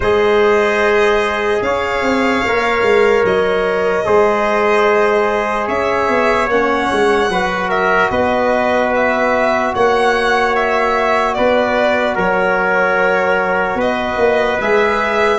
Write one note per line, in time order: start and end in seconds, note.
0.00 1.60 G#3
0.00 2.46 G#4
0.00 1.61 C5
0.00 1.62 D#5
1.61 2.02 C#4
1.61 4.05 C#5
1.61 3.25 F5
2.02 2.42 C4
2.45 2.82 A#3
2.45 4.04 A#4
2.82 3.22 G#3
3.24 4.05 F#3
3.24 5.68 D#5
4.04 5.68 G#3
4.04 6.47 G#4
4.04 5.67 C5
5.67 6.08 C#4
5.67 7.29 C#5
5.67 6.49 E5
6.08 6.47 B3
6.47 6.88 A#3
6.47 7.29 C#4
6.47 7.69 F#5
6.92 7.28 G#3
7.28 8.09 F#3
7.28 14.60 F#4
7.28 7.68 B4
7.68 8.09 A#4
7.68 8.10 E5
8.10 9.72 B3
8.10 9.73 B4
8.10 8.91 D#5
8.95 9.74 E5
9.74 11.37 A#3
9.74 11.36 C#5
9.74 10.55 F#5
10.55 11.34 E5
11.34 12.16 B3
11.34 12.15 B4
11.34 12.15 D5
12.15 13.74 F#3
12.15 13.77 A#4
12.15 13.80 C#5
13.74 14.15 B3
13.74 15.39 B4
13.74 14.60 D#5
14.16 14.57 A#3
14.59 15.39 G#3
14.59 15.39 G#4
14.59 15.39 E5